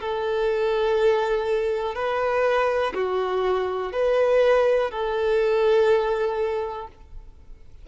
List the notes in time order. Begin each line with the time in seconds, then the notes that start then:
0.00 A4
1.94 B4
2.94 F#4
3.92 B4
4.90 A4